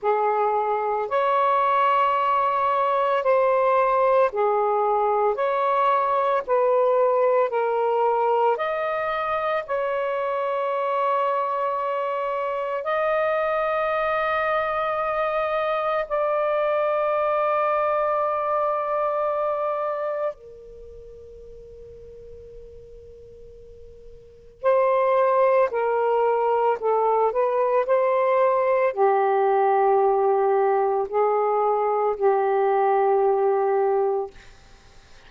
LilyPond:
\new Staff \with { instrumentName = "saxophone" } { \time 4/4 \tempo 4 = 56 gis'4 cis''2 c''4 | gis'4 cis''4 b'4 ais'4 | dis''4 cis''2. | dis''2. d''4~ |
d''2. ais'4~ | ais'2. c''4 | ais'4 a'8 b'8 c''4 g'4~ | g'4 gis'4 g'2 | }